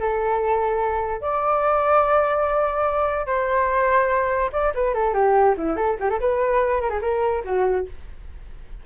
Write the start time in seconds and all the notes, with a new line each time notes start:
0.00 A4
1.22 D5
3.27 C5
4.53 D5
4.75 B4
4.94 A4
5.14 G4
5.58 E4
5.77 A4
6.00 G4
6.10 A4
6.20 B4
6.81 A#4
6.90 G#4
7.02 A#4
7.45 F#4